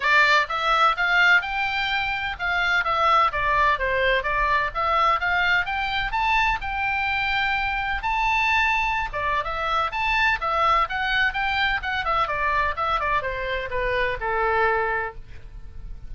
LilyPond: \new Staff \with { instrumentName = "oboe" } { \time 4/4 \tempo 4 = 127 d''4 e''4 f''4 g''4~ | g''4 f''4 e''4 d''4 | c''4 d''4 e''4 f''4 | g''4 a''4 g''2~ |
g''4 a''2~ a''16 d''8. | e''4 a''4 e''4 fis''4 | g''4 fis''8 e''8 d''4 e''8 d''8 | c''4 b'4 a'2 | }